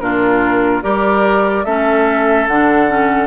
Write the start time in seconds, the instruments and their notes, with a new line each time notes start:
0.00 bassoon A#2, clarinet D4, oboe F4, flute A#4
0.83 bassoon G3, clarinet G4, oboe A#4, flute D5
1.65 bassoon A3, clarinet C#4, oboe A4, flute E5
2.48 bassoon D3, clarinet D4, flute F#5
2.89 clarinet C#4